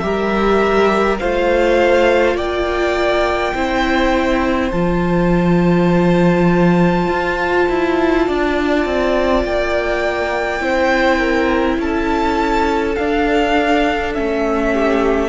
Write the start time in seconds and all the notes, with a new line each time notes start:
0.00 G3 G4 A#4 E5
1.19 A3 F4 C5 F5
2.35 A#3 D5 G5
3.54 C4 E4 C5
4.72 F3 F4 A5
7.09 F4
7.69 E4
8.27 D4 D5
8.86 C4
9.44 A#3 G5
10.61 C4 E4 C5
11.18 A#4
11.78 C#4 A4 A5
12.96 D4 F5
14.14 A3 C#4 E5
14.72 G4